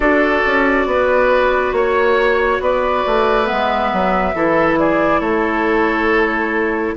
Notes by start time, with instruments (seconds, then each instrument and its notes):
0.00 bassoon D4, clarinet F#4, oboe A4, flute D5
0.46 bassoon C#4
0.86 bassoon B3, oboe B4
1.72 bassoon A#3, flute C#5, oboe C#5
2.60 bassoon B3, oboe B4, flute D5
3.06 bassoon A3
3.46 bassoon G#3, clarinet B3, flute E5
3.92 bassoon F#3
4.34 bassoon E3, clarinet E4, oboe A4
4.78 oboe G#4, flute D5
5.20 bassoon A3, oboe A4, flute C#5